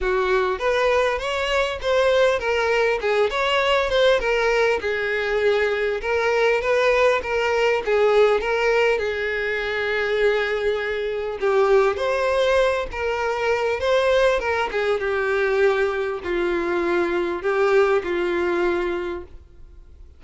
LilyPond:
\new Staff \with { instrumentName = "violin" } { \time 4/4 \tempo 4 = 100 fis'4 b'4 cis''4 c''4 | ais'4 gis'8 cis''4 c''8 ais'4 | gis'2 ais'4 b'4 | ais'4 gis'4 ais'4 gis'4~ |
gis'2. g'4 | c''4. ais'4. c''4 | ais'8 gis'8 g'2 f'4~ | f'4 g'4 f'2 | }